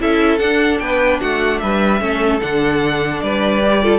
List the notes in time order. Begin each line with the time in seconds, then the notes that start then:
0.00 C#4 E4 A4 E5
0.38 D4 F#5
0.80 B3 B4 G5
1.21 A3 F#4 F#5
1.59 G3 B4 E5
2.00 A3 C#4 A4
2.41 D3 D4 F#5
3.21 G3 B4 D5
3.64 G4
3.83 F4 A4